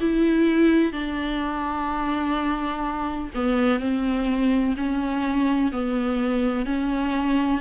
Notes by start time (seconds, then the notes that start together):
0.00 E4
0.92 D4
3.34 B3
3.80 C4
4.77 C#4
5.71 B3
6.65 C#4